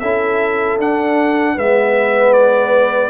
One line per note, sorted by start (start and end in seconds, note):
0.00 0.79 C#4
0.00 0.80 E4
0.00 1.55 A4
0.00 0.78 E5
0.79 1.57 D4
0.79 1.58 D4
0.79 1.59 F#5
1.55 3.11 G#3
1.55 3.11 B3
1.55 3.11 B4
1.55 2.33 E5
2.33 3.11 D5